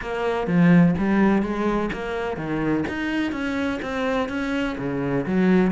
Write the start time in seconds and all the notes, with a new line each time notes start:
0.01 A#3
0.47 F3
0.97 G3
1.42 G#3
1.92 A#3
2.36 D#3
2.88 D#4
3.32 C#4
3.82 C4
4.29 C#4
4.78 C#3
5.26 F#3